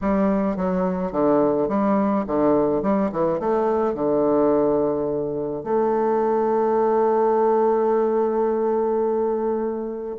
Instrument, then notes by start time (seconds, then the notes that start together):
bassoon
0.01 G3
0.56 F#3
1.11 D3
1.68 G3
2.26 D3
2.82 G3
3.12 E3
3.39 A3
3.94 D3
5.63 A3